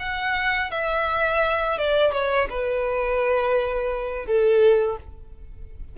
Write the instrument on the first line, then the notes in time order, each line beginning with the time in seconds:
violin
0.00 F#5
0.71 E5
1.78 D5
2.13 C#5
2.50 B4
4.26 A4